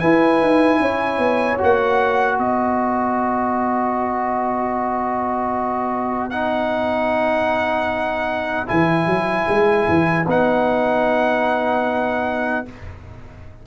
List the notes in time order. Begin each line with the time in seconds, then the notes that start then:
0.00 E4 B4 G#5
0.42 D#4
0.80 C#4 C#5
1.18 B3
1.58 A#3 F#4 F#5
2.38 B3 B4 D#5
6.30 D#4 F#5
8.67 E3 E4 G#5
9.06 F#3
9.49 G#3
9.88 E3
10.27 B3 D#4 F#5